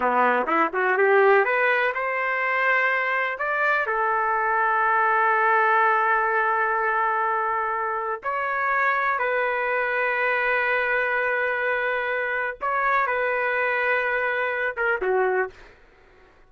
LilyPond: \new Staff \with { instrumentName = "trumpet" } { \time 4/4 \tempo 4 = 124 b4 e'8 fis'8 g'4 b'4 | c''2. d''4 | a'1~ | a'1~ |
a'4 cis''2 b'4~ | b'1~ | b'2 cis''4 b'4~ | b'2~ b'8 ais'8 fis'4 | }